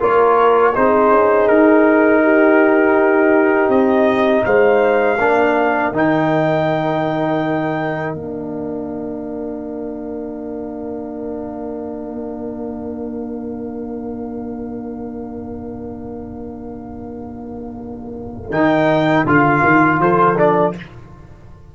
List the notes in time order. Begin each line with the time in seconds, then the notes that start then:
0.00 A#3 F4 A#4 C#5
0.75 C4 D#4 G#4 C5
1.12 C#4
1.48 D#4 A#4
2.23 G4
3.69 C4 D#5
4.46 G#3 C5 F5
5.18 A#3 D4 A#4
5.92 D#3 D#4 G5
8.15 A#3 D4 F5
18.51 D#3 D#4 G5
19.26 D3 F4 F5
19.64 D#3
19.99 F3 A4 C5
20.36 D4 D5